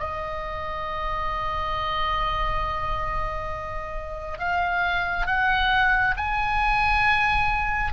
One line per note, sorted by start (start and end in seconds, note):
0.00 4.39 D#5
4.39 5.27 F5
5.27 6.15 F#5
6.17 7.93 G#5